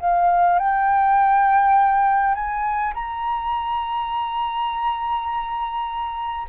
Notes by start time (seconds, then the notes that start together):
0.00 F5
0.59 G5
2.35 G#5
2.94 A#5